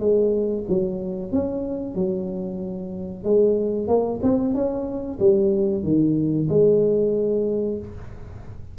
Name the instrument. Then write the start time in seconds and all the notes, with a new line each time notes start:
tuba
0.00 G#3
0.70 F#3
1.33 C#4
1.95 F#3
3.25 G#3
3.88 A#3
4.23 C4
4.55 C#4
5.20 G3
5.84 D#3
6.50 G#3